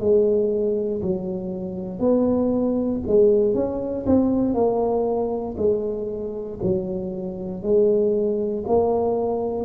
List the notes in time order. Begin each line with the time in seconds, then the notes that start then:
0.00 G#3
1.02 F#3
2.00 B3
3.07 G#3
3.55 C#4
4.06 C4
4.54 A#3
5.58 G#3
6.63 F#3
7.63 G#3
8.67 A#3